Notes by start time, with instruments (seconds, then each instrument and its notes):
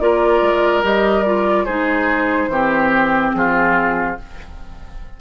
0.00 bassoon A#3, clarinet F4, oboe A#4, flute D5
0.41 bassoon G#3
0.83 bassoon G3, clarinet G4, flute D#5
1.24 clarinet F4, flute D5
1.65 bassoon G#3, clarinet D#4, oboe G#4, flute C5
2.48 bassoon E3, clarinet C4, oboe G4
3.34 bassoon F3, oboe F4, flute G#4